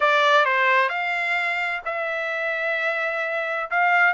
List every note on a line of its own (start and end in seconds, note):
0.00 0.45 D5
0.45 0.89 C5
0.89 1.81 F5
1.85 3.69 E5
3.70 4.13 F5